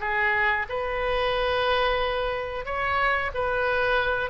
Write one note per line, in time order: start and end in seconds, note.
0.00 0.66 G#4
0.69 2.65 B4
2.65 3.31 C#5
3.34 4.30 B4